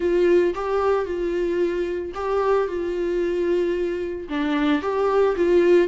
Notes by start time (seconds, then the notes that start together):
0.00 F4
0.54 G4
1.05 F4
2.14 G4
2.67 F4
4.28 D4
4.82 G4
5.36 F4